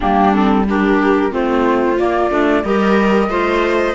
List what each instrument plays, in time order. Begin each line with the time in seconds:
0.00 cello G3, clarinet A#3, viola D4, flute G4
0.33 clarinet C4, flute A4
0.68 clarinet D4, viola G4, flute A#4
1.30 cello A3, clarinet C4, viola F4, flute C5
1.98 clarinet A#3, cello A#3, flute D5
2.30 cello A3, clarinet D4
2.64 cello G3, clarinet G4, viola A#4, flute D#5
3.28 cello A3, clarinet F4, viola C5